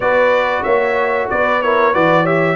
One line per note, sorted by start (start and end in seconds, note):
0.00 0.64 B3
0.00 1.62 F#4
0.00 0.64 B4
0.00 0.63 D5
0.63 1.29 A#3
0.63 1.28 C#5
0.63 1.27 E5
1.29 1.94 B3
1.29 1.63 B4
1.29 1.62 D5
1.62 1.93 E4
1.62 1.92 A#4
1.62 1.94 C#5
1.92 2.56 E3
1.92 2.25 F#4
1.92 2.22 B4
1.92 2.25 D5
2.22 2.56 G4
2.22 2.54 C#5
2.22 2.56 E5